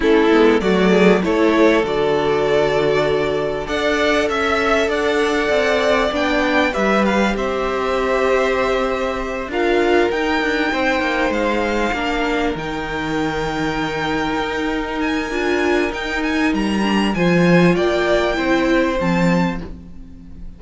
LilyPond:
<<
  \new Staff \with { instrumentName = "violin" } { \time 4/4 \tempo 4 = 98 a'4 d''4 cis''4 d''4~ | d''2 fis''4 e''4 | fis''2 g''4 e''8 f''8 | e''2.~ e''8 f''8~ |
f''8 g''2 f''4.~ | f''8 g''2.~ g''8~ | g''8 gis''4. g''8 gis''8 ais''4 | gis''4 g''2 a''4 | }
  \new Staff \with { instrumentName = "violin" } { \time 4/4 e'4 fis'8 gis'8 a'2~ | a'2 d''4 e''4 | d''2. b'4 | c''2.~ c''8 ais'8~ |
ais'4. c''2 ais'8~ | ais'1~ | ais'1 | c''4 d''4 c''2 | }
  \new Staff \with { instrumentName = "viola" } { \time 4/4 cis'8 b8 a4 e'4 fis'4~ | fis'2 a'2~ | a'2 d'4 g'4~ | g'2.~ g'8 f'8~ |
f'8 dis'2. d'8~ | d'8 dis'2.~ dis'8~ | dis'4 f'4 dis'4. d'8 | f'2 e'4 c'4 | }
  \new Staff \with { instrumentName = "cello" } { \time 4/4 a8 gis8 fis4 a4 d4~ | d2 d'4 cis'4 | d'4 c'4 b4 g4 | c'2.~ c'8 d'8~ |
d'8 dis'8 d'8 c'8 ais8 gis4 ais8~ | ais8 dis2. dis'8~ | dis'4 d'4 dis'4 g4 | f4 ais4 c'4 f4 | }
>>